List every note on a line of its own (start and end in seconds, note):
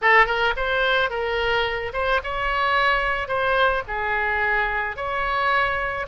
0.02 0.26 A4
0.26 0.53 A#4
0.56 1.09 C5
1.09 1.92 A#4
1.93 2.20 C5
2.23 3.28 C#5
3.28 3.83 C5
3.87 4.96 G#4
4.96 6.06 C#5